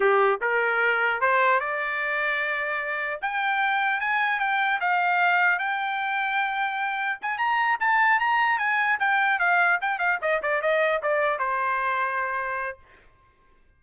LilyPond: \new Staff \with { instrumentName = "trumpet" } { \time 4/4 \tempo 4 = 150 g'4 ais'2 c''4 | d''1 | g''2 gis''4 g''4 | f''2 g''2~ |
g''2 gis''8 ais''4 a''8~ | a''8 ais''4 gis''4 g''4 f''8~ | f''8 g''8 f''8 dis''8 d''8 dis''4 d''8~ | d''8 c''2.~ c''8 | }